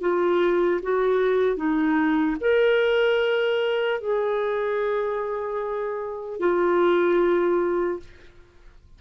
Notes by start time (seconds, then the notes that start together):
0.00 F4
0.82 F#4
1.56 D#4
2.40 A#4
4.00 G#4
6.39 F4